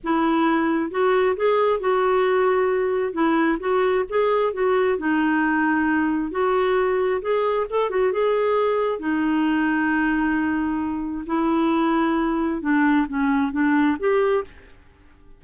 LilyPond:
\new Staff \with { instrumentName = "clarinet" } { \time 4/4 \tempo 4 = 133 e'2 fis'4 gis'4 | fis'2. e'4 | fis'4 gis'4 fis'4 dis'4~ | dis'2 fis'2 |
gis'4 a'8 fis'8 gis'2 | dis'1~ | dis'4 e'2. | d'4 cis'4 d'4 g'4 | }